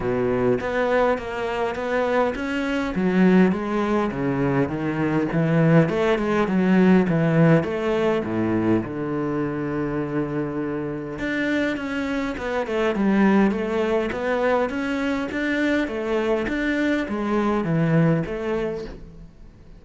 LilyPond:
\new Staff \with { instrumentName = "cello" } { \time 4/4 \tempo 4 = 102 b,4 b4 ais4 b4 | cis'4 fis4 gis4 cis4 | dis4 e4 a8 gis8 fis4 | e4 a4 a,4 d4~ |
d2. d'4 | cis'4 b8 a8 g4 a4 | b4 cis'4 d'4 a4 | d'4 gis4 e4 a4 | }